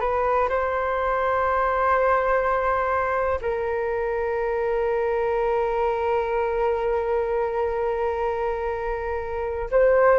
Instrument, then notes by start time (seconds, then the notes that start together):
flute
0.00 B4
0.48 C5
3.41 A#4
9.71 C5